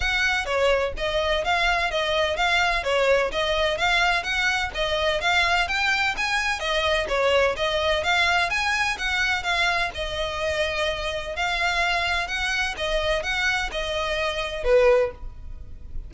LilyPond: \new Staff \with { instrumentName = "violin" } { \time 4/4 \tempo 4 = 127 fis''4 cis''4 dis''4 f''4 | dis''4 f''4 cis''4 dis''4 | f''4 fis''4 dis''4 f''4 | g''4 gis''4 dis''4 cis''4 |
dis''4 f''4 gis''4 fis''4 | f''4 dis''2. | f''2 fis''4 dis''4 | fis''4 dis''2 b'4 | }